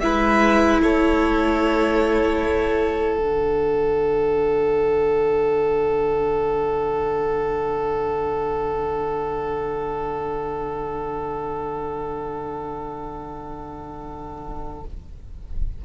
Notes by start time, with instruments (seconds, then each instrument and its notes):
0.00 cello G#3, viola E4, violin B4 E5
0.83 cello A3, violin A4 C#5
3.16 cello D3, viola D4, violin F#5